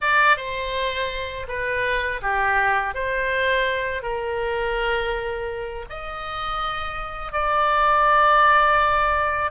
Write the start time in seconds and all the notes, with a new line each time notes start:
0.01 D5
0.37 C5
1.48 B4
2.22 G4
2.94 C5
4.02 A#4
5.89 D#5
7.32 D5